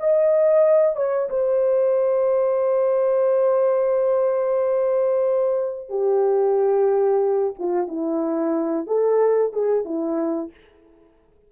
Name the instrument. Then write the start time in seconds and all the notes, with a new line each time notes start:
horn
0.00 D#5
0.97 C#5
1.30 C5
5.90 G4
7.59 F4
7.88 E4
8.87 A4
9.53 G#4
9.85 E4